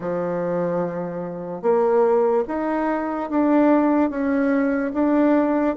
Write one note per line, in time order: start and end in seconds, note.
0.00 1.61 F3
1.61 2.44 A#3
2.47 3.30 D#4
3.30 4.09 D4
4.09 4.92 C#4
4.93 5.75 D4